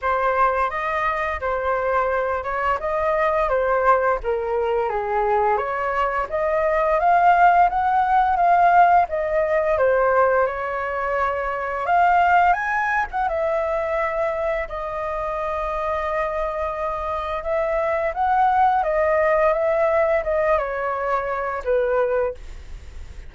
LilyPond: \new Staff \with { instrumentName = "flute" } { \time 4/4 \tempo 4 = 86 c''4 dis''4 c''4. cis''8 | dis''4 c''4 ais'4 gis'4 | cis''4 dis''4 f''4 fis''4 | f''4 dis''4 c''4 cis''4~ |
cis''4 f''4 gis''8. fis''16 e''4~ | e''4 dis''2.~ | dis''4 e''4 fis''4 dis''4 | e''4 dis''8 cis''4. b'4 | }